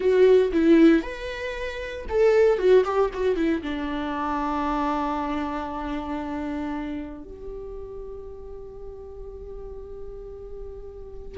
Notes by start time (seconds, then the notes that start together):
0.00 F#4
0.52 E4
1.02 B4
2.09 A4
2.58 F#4
2.84 G4
3.13 F#4
3.36 E4
3.62 D4
7.24 G4